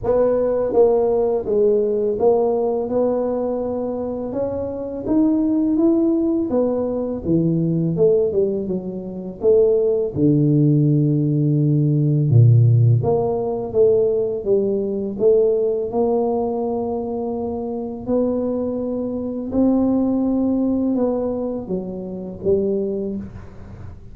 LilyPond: \new Staff \with { instrumentName = "tuba" } { \time 4/4 \tempo 4 = 83 b4 ais4 gis4 ais4 | b2 cis'4 dis'4 | e'4 b4 e4 a8 g8 | fis4 a4 d2~ |
d4 ais,4 ais4 a4 | g4 a4 ais2~ | ais4 b2 c'4~ | c'4 b4 fis4 g4 | }